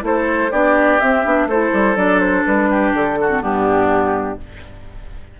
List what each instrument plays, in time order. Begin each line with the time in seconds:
0.00 bassoon A3, clarinet E4, flute C5
0.07 oboe A4
0.51 bassoon B3, clarinet D4, oboe G4, flute D5
1.00 clarinet C4, bassoon C4, flute E5
1.24 bassoon B3, clarinet D4
1.46 bassoon A3, clarinet E4, oboe A4, flute C5
1.73 bassoon G3
1.95 bassoon F#3, clarinet D4, flute D5
2.19 flute C5
2.45 bassoon G3, flute B4
2.70 oboe G4
2.93 bassoon D3, flute A4
3.20 oboe F#4
3.28 clarinet C4
3.40 bassoon G2, clarinet B3, oboe D4, flute G4